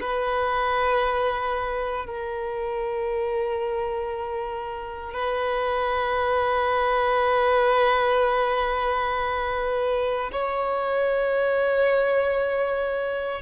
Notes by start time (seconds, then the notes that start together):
0.00 B4
2.05 A#4
5.13 B4
10.32 C#5